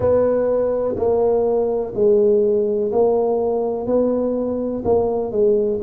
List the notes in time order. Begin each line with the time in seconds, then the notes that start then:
0.00 B3
0.95 A#3
1.94 G#3
2.92 A#3
3.86 B3
4.84 A#3
5.31 G#3